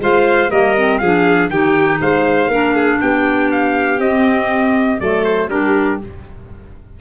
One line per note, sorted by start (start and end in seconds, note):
0.00 0.50 G#3
0.00 0.50 F4
0.00 0.50 C5
0.00 0.51 F5
0.50 1.01 G3
0.50 0.75 A#3
0.50 1.00 A#4
0.50 0.98 D#5
0.77 1.02 C4
0.98 1.49 F3
0.98 1.52 D4
0.98 1.51 G#4
0.98 1.48 F5
1.49 1.99 D#3
1.49 2.51 D#4
1.49 2.01 G4
1.49 2.00 G5
2.01 2.48 G#3
2.01 2.51 C5
2.01 3.01 F5
2.48 2.98 A#3
2.48 4.00 D4
2.48 2.74 A#4
2.74 2.99 G#4
3.01 3.99 B3
3.01 5.01 G4
3.01 3.51 G5
3.51 4.00 F5
3.99 4.99 C4
3.99 5.00 C4
3.99 5.00 D#5
5.00 5.48 F#3
5.00 5.50 A3
5.00 5.50 A4
5.00 5.24 D5
5.24 5.49 C5
5.48 5.98 G3
5.48 6.00 D4
5.48 6.00 G4
5.48 6.01 A#4